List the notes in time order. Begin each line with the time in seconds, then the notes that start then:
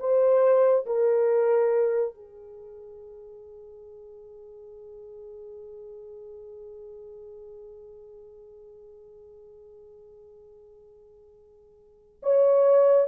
0.00 C5
0.86 A#4
2.15 G#4
12.23 C#5